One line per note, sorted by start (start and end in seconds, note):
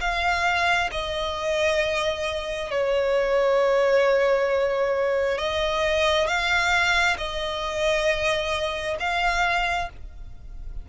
0.00 0.90 F5
0.92 2.71 D#5
2.71 5.38 C#5
5.38 6.27 D#5
6.27 7.17 F5
7.17 8.96 D#5
9.00 9.89 F5